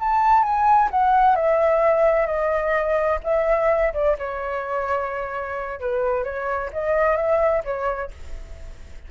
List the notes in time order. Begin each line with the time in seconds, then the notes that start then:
0.00 A5
0.43 G#5
0.91 F#5
1.36 E5
2.27 D#5
3.24 E5
3.94 D5
4.19 C#5
5.80 B4
6.24 C#5
6.73 D#5
7.17 E5
7.65 C#5